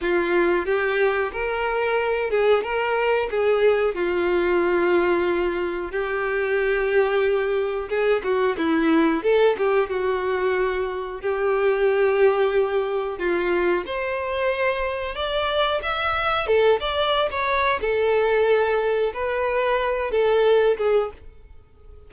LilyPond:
\new Staff \with { instrumentName = "violin" } { \time 4/4 \tempo 4 = 91 f'4 g'4 ais'4. gis'8 | ais'4 gis'4 f'2~ | f'4 g'2. | gis'8 fis'8 e'4 a'8 g'8 fis'4~ |
fis'4 g'2. | f'4 c''2 d''4 | e''4 a'8 d''8. cis''8. a'4~ | a'4 b'4. a'4 gis'8 | }